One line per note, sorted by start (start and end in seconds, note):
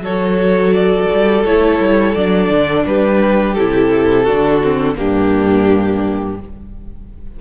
0.00 1.06 F#3
0.00 1.46 F#4
0.00 2.84 A4
0.00 0.73 C#5
0.73 1.44 D5
1.13 1.44 G3
1.44 1.79 A3
1.44 2.16 E4
1.44 2.14 C#5
1.79 2.15 G3
2.14 2.49 F#3
2.14 3.57 D4
2.14 2.85 D5
2.49 2.85 D3
2.86 3.57 G3
2.86 4.23 G4
2.86 3.54 B4
3.54 4.28 C3
3.54 4.26 E4
3.54 4.95 A4
4.23 4.98 D3
4.23 4.62 D4
4.23 4.94 F#4
4.63 4.95 C4
4.95 6.41 G2
4.95 6.36 A#3
4.95 6.39 D4
4.95 6.39 G4